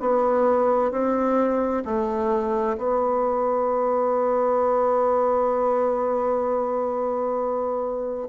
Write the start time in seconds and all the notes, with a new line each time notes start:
0.00 B3
0.91 C4
1.85 A3
2.77 B3